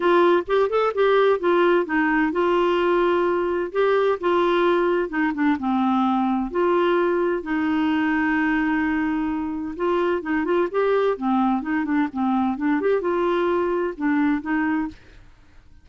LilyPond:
\new Staff \with { instrumentName = "clarinet" } { \time 4/4 \tempo 4 = 129 f'4 g'8 a'8 g'4 f'4 | dis'4 f'2. | g'4 f'2 dis'8 d'8 | c'2 f'2 |
dis'1~ | dis'4 f'4 dis'8 f'8 g'4 | c'4 dis'8 d'8 c'4 d'8 g'8 | f'2 d'4 dis'4 | }